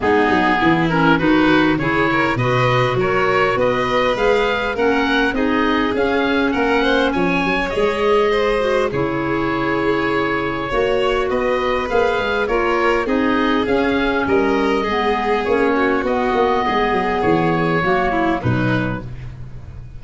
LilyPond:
<<
  \new Staff \with { instrumentName = "oboe" } { \time 4/4 \tempo 4 = 101 gis'4. ais'8 b'4 cis''4 | dis''4 cis''4 dis''4 f''4 | fis''4 dis''4 f''4 fis''4 | gis''4 dis''2 cis''4~ |
cis''2. dis''4 | f''4 cis''4 dis''4 f''4 | dis''2 cis''4 dis''4~ | dis''4 cis''2 b'4 | }
  \new Staff \with { instrumentName = "violin" } { \time 4/4 dis'4 e'4 fis'4 gis'8 ais'8 | b'4 ais'4 b'2 | ais'4 gis'2 ais'8 c''8 | cis''2 c''4 gis'4~ |
gis'2 cis''4 b'4~ | b'4 ais'4 gis'2 | ais'4 gis'4. fis'4. | gis'2 fis'8 e'8 dis'4 | }
  \new Staff \with { instrumentName = "clarinet" } { \time 4/4 b4. cis'8 dis'4 e'4 | fis'2. gis'4 | cis'4 dis'4 cis'2~ | cis'4 gis'4. fis'8 e'4~ |
e'2 fis'2 | gis'4 f'4 dis'4 cis'4~ | cis'4 b4 cis'4 b4~ | b2 ais4 fis4 | }
  \new Staff \with { instrumentName = "tuba" } { \time 4/4 gis8 fis8 e4 dis4 cis4 | b,4 fis4 b4 gis4 | ais4 c'4 cis'4 ais4 | f8 fis8 gis2 cis4~ |
cis2 ais4 b4 | ais8 gis8 ais4 c'4 cis'4 | g4 gis4 ais4 b8 ais8 | gis8 fis8 e4 fis4 b,4 | }
>>